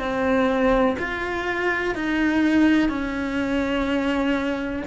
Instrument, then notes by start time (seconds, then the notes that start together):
cello
0.00 C4
0.99 F4
1.95 D#4
2.90 C#4